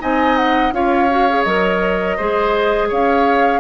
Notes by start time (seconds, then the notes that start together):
0.00 C4 D#4 D#5 G#5
0.36 F#5
0.72 C#4 F4 C#5 F5
1.10 F#4
1.29 G#4
1.43 F#3 A#4 D#5
2.17 G#3 G#4 C5
2.88 C#4 C#5 F5